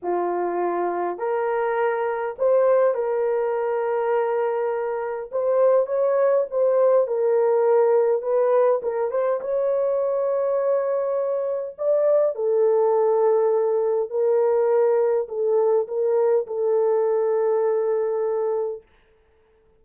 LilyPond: \new Staff \with { instrumentName = "horn" } { \time 4/4 \tempo 4 = 102 f'2 ais'2 | c''4 ais'2.~ | ais'4 c''4 cis''4 c''4 | ais'2 b'4 ais'8 c''8 |
cis''1 | d''4 a'2. | ais'2 a'4 ais'4 | a'1 | }